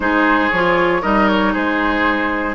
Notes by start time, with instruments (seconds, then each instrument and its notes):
0.00 bassoon G#3, clarinet D#4, oboe G#4, flute C5
0.51 bassoon F3, clarinet F4, flute C#5
1.02 bassoon G3, clarinet D#4, oboe A#4, flute D#5
1.28 flute C#5
1.53 bassoon G#3, oboe G#4, flute C5